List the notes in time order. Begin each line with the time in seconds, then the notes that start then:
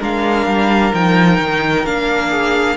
0.00 G#3 D4 A#4 F5
0.46 G3
0.94 F3 D#4 G5
1.40 D#3
1.85 A#3 D4 F5
2.30 G#4